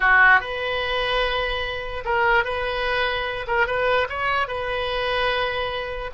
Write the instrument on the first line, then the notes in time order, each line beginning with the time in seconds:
oboe
0.00 F#4
0.40 B4
2.04 A#4
2.44 B4
3.47 A#4
3.66 B4
4.09 C#5
4.47 B4